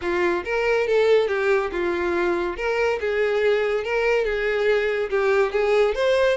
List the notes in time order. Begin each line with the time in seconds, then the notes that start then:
0.01 F4
0.44 A#4
0.87 A4
1.28 G4
1.71 F4
2.56 A#4
3.00 G#4
3.84 A#4
4.24 G#4
5.10 G4
5.52 G#4
5.95 C5